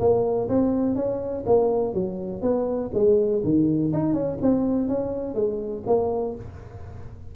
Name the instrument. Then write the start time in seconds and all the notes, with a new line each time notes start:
tuba
0.00 A#3
0.49 C4
0.96 C#4
1.47 A#3
1.94 F#3
2.42 B3
2.94 G#3
3.44 D#3
3.93 D#4
4.14 C#4
4.42 C4
4.89 C#4
5.35 G#3
5.87 A#3